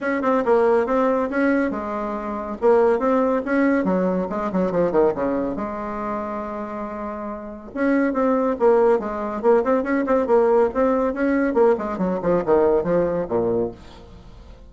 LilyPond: \new Staff \with { instrumentName = "bassoon" } { \time 4/4 \tempo 4 = 140 cis'8 c'8 ais4 c'4 cis'4 | gis2 ais4 c'4 | cis'4 fis4 gis8 fis8 f8 dis8 | cis4 gis2.~ |
gis2 cis'4 c'4 | ais4 gis4 ais8 c'8 cis'8 c'8 | ais4 c'4 cis'4 ais8 gis8 | fis8 f8 dis4 f4 ais,4 | }